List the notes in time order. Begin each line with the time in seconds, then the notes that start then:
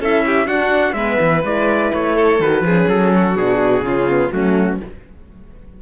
0.00 C#4 E4 A4 E5
0.27 G4
0.47 D4 F#4 F#5
0.94 G#3 B3 B4 E5
1.21 E3
1.44 G#3 E4 D5
1.94 A3 C#5
2.16 A4
2.40 D#3 F#4 B4
2.62 F3 G#4
2.69 C#4
2.88 F#3 A4
3.15 F#4
3.36 B2 D4 G#4
3.81 C#3 C#4 F4
4.09 B3
4.31 F#3 A3 C#4 F#4